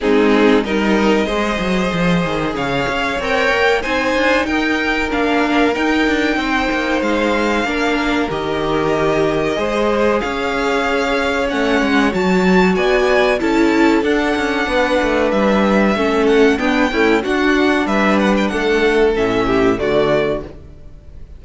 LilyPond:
<<
  \new Staff \with { instrumentName = "violin" } { \time 4/4 \tempo 4 = 94 gis'4 dis''2. | f''4 g''4 gis''4 g''4 | f''4 g''2 f''4~ | f''4 dis''2. |
f''2 fis''4 a''4 | gis''4 a''4 fis''2 | e''4. fis''8 g''4 fis''4 | e''8 fis''16 g''16 fis''4 e''4 d''4 | }
  \new Staff \with { instrumentName = "violin" } { \time 4/4 dis'4 ais'4 c''2 | cis''2 c''4 ais'4~ | ais'2 c''2 | ais'2. c''4 |
cis''1 | d''4 a'2 b'4~ | b'4 a'4 d'8 e'8 fis'4 | b'4 a'4. g'8 fis'4 | }
  \new Staff \with { instrumentName = "viola" } { \time 4/4 c'4 dis'4 gis'2~ | gis'4 ais'4 dis'2 | d'4 dis'2. | d'4 g'2 gis'4~ |
gis'2 cis'4 fis'4~ | fis'4 e'4 d'2~ | d'4 cis'4 b8 a8 d'4~ | d'2 cis'4 a4 | }
  \new Staff \with { instrumentName = "cello" } { \time 4/4 gis4 g4 gis8 fis8 f8 dis8 | cis8 cis'8 c'8 ais8 c'8 d'8 dis'4 | ais4 dis'8 d'8 c'8 ais8 gis4 | ais4 dis2 gis4 |
cis'2 a8 gis8 fis4 | b4 cis'4 d'8 cis'8 b8 a8 | g4 a4 b8 cis'8 d'4 | g4 a4 a,4 d4 | }
>>